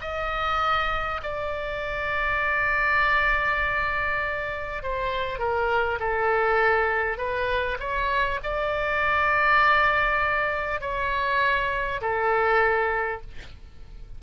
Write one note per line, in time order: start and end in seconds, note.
0.00 1.20 D#5
1.22 4.82 D5
4.82 5.38 C5
5.38 5.98 A#4
5.99 7.17 A4
7.17 7.77 B4
7.79 8.39 C#5
8.43 10.80 D5
10.80 12.00 C#5
12.01 13.21 A4